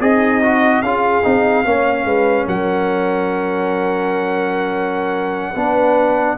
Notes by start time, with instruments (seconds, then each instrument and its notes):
0.00 tuba C4, horn D#4, trombone G#4, trumpet D#5
0.42 trombone F#4
0.82 tuba C#4, trombone F4, horn G#4, trumpet F5
1.23 tuba C4, trombone D#4
1.64 tuba A#3, trombone C#4, horn C#5
2.04 tuba G#3, horn B4
2.46 tuba F#3, horn A#4, trumpet F#5
5.53 tuba B3, trombone D4, horn B4